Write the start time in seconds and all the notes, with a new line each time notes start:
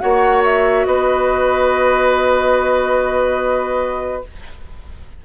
0.00 A#3 F#4 C#5 F#5
0.45 E5
0.86 B3 B4 D#5